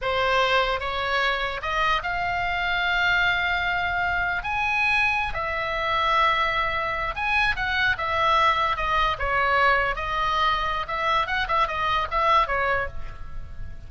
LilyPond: \new Staff \with { instrumentName = "oboe" } { \time 4/4 \tempo 4 = 149 c''2 cis''2 | dis''4 f''2.~ | f''2. gis''4~ | gis''4~ gis''16 e''2~ e''8.~ |
e''4.~ e''16 gis''4 fis''4 e''16~ | e''4.~ e''16 dis''4 cis''4~ cis''16~ | cis''8. dis''2~ dis''16 e''4 | fis''8 e''8 dis''4 e''4 cis''4 | }